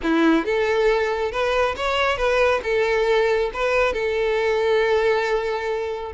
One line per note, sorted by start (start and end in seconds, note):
0.02 0.45 E4
0.45 1.31 A4
1.31 1.75 B4
1.76 2.17 C#5
2.17 2.61 B4
2.63 3.50 A4
3.53 3.93 B4
3.93 6.12 A4